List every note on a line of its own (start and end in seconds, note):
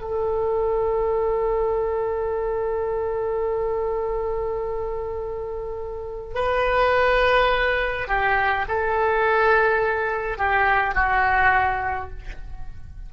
0.00 6.35 A4
6.35 8.08 B4
8.08 8.65 G4
8.68 10.38 A4
10.38 10.95 G4
10.95 12.10 F#4